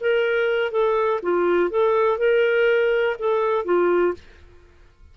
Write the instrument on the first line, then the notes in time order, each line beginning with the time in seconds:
clarinet
0.00 A#4
0.71 A4
1.22 F4
1.70 A4
2.18 A#4
3.18 A4
3.64 F4